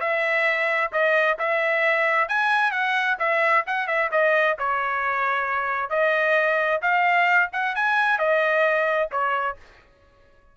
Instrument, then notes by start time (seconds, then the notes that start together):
trumpet
0.00 E5
0.92 D#5
1.38 E5
2.29 G#5
2.71 F#5
3.19 E5
3.67 F#5
3.87 E5
4.11 D#5
4.58 C#5
5.90 D#5
6.82 F5
7.52 F#5
7.75 G#5
8.19 D#5
9.11 C#5